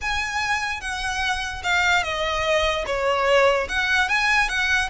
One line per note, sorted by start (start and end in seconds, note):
0.01 0.80 G#5
0.80 1.62 F#5
1.63 2.03 F5
2.03 2.84 D#5
2.86 3.68 C#5
3.68 4.09 F#5
4.09 4.48 G#5
4.48 4.89 F#5